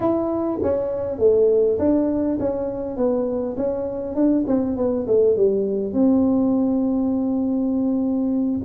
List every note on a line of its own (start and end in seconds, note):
0.00 0.59 E4
0.62 1.18 C#4
1.18 1.77 A3
1.78 2.38 D4
2.39 2.96 C#4
2.96 3.56 B3
3.56 4.15 C#4
4.15 4.44 D4
4.47 4.77 C4
4.77 5.06 B3
5.07 5.36 A3
5.36 5.93 G3
5.93 8.60 C4